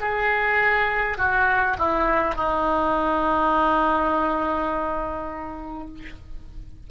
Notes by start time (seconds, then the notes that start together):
0.00 G#4
1.18 F#4
1.78 E4
2.35 D#4